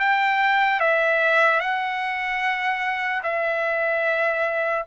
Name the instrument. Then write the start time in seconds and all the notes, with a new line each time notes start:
trumpet
0.00 G5
0.80 E5
1.60 F#5
3.24 E5